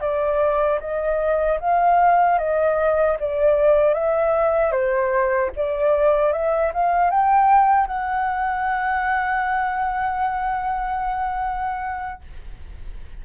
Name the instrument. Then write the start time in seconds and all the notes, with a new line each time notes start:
flute
0.00 D5
0.80 D#5
1.59 F5
2.38 D#5
3.19 D5
3.94 E5
4.71 C5
5.56 D5
6.32 E5
6.74 F5
7.10 G5
7.87 F#5